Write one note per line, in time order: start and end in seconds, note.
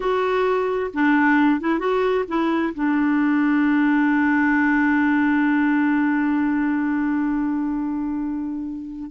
0.00 0.90 F#4
0.93 1.60 D4
1.60 1.79 E4
1.79 2.24 F#4
2.28 2.73 E4
2.74 9.10 D4